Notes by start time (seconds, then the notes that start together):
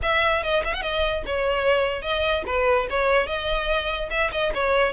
0.02 E5
0.43 D#5
0.64 E5
0.73 F#5
0.82 D#5
1.25 C#5
2.02 D#5
2.46 B4
2.90 C#5
3.27 D#5
4.10 E5
4.32 D#5
4.54 C#5